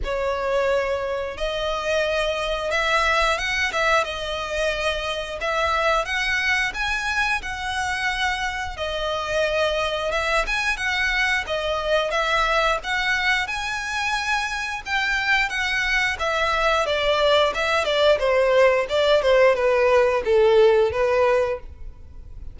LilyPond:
\new Staff \with { instrumentName = "violin" } { \time 4/4 \tempo 4 = 89 cis''2 dis''2 | e''4 fis''8 e''8 dis''2 | e''4 fis''4 gis''4 fis''4~ | fis''4 dis''2 e''8 gis''8 |
fis''4 dis''4 e''4 fis''4 | gis''2 g''4 fis''4 | e''4 d''4 e''8 d''8 c''4 | d''8 c''8 b'4 a'4 b'4 | }